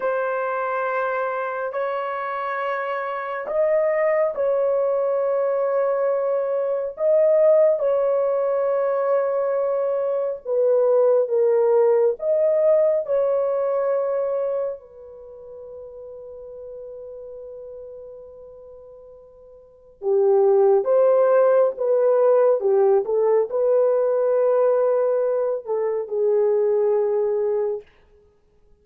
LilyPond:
\new Staff \with { instrumentName = "horn" } { \time 4/4 \tempo 4 = 69 c''2 cis''2 | dis''4 cis''2. | dis''4 cis''2. | b'4 ais'4 dis''4 cis''4~ |
cis''4 b'2.~ | b'2. g'4 | c''4 b'4 g'8 a'8 b'4~ | b'4. a'8 gis'2 | }